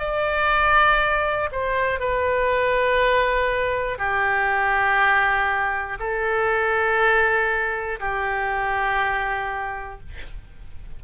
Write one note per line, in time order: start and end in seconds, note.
0.00 1.50 D5
1.52 2.00 C5
2.00 3.99 B4
3.99 5.99 G4
6.00 8.00 A4
8.00 10.00 G4